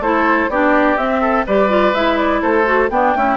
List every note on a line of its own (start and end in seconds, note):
0.00 0.48 A3
0.00 0.51 E4
0.00 0.51 A4
0.00 0.50 C5
0.49 0.97 B3
0.49 0.98 D4
0.49 1.22 G4
0.49 0.98 D5
0.97 1.45 C4
0.97 1.46 C4
0.97 1.46 E5
1.22 1.46 A4
1.47 1.94 G3
1.47 1.69 G4
1.47 2.42 B4
1.47 1.95 D5
1.69 1.93 F4
1.94 2.42 G#3
1.94 2.65 E4
1.94 2.17 E5
2.17 2.41 D5
2.42 2.90 A3
2.42 2.90 A4
2.42 2.90 C5
2.65 2.89 F#4
2.90 3.14 B3
2.90 3.17 D4
2.90 3.37 G5
3.14 3.37 A3
3.14 3.37 C#4
3.14 3.37 E4